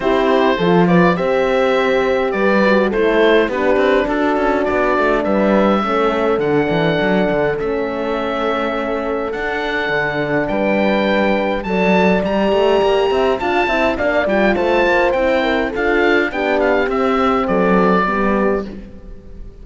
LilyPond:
<<
  \new Staff \with { instrumentName = "oboe" } { \time 4/4 \tempo 4 = 103 c''4. d''8 e''2 | d''4 c''4 b'4 a'4 | d''4 e''2 fis''4~ | fis''4 e''2. |
fis''2 g''2 | a''4 ais''2 a''4 | f''8 g''8 a''4 g''4 f''4 | g''8 f''8 e''4 d''2 | }
  \new Staff \with { instrumentName = "horn" } { \time 4/4 g'4 a'8 b'8 c''2 | b'4 a'4 g'4 fis'4~ | fis'4 b'4 a'2~ | a'1~ |
a'2 b'2 | d''2~ d''8 e''8 f''8 e''8 | d''4 c''4. ais'8 a'4 | g'2 a'4 g'4 | }
  \new Staff \with { instrumentName = "horn" } { \time 4/4 e'4 f'4 g'2~ | g'8 fis'8 e'4 d'2~ | d'2 cis'4 d'4~ | d'4 cis'2. |
d'1 | a'4 g'2 f'8 e'8 | d'8 f'4. e'4 f'4 | d'4 c'2 b4 | }
  \new Staff \with { instrumentName = "cello" } { \time 4/4 c'4 f4 c'2 | g4 a4 b8 c'8 d'8 cis'8 | b8 a8 g4 a4 d8 e8 | fis8 d8 a2. |
d'4 d4 g2 | fis4 g8 a8 ais8 c'8 d'8 c'8 | ais8 g8 a8 ais8 c'4 d'4 | b4 c'4 fis4 g4 | }
>>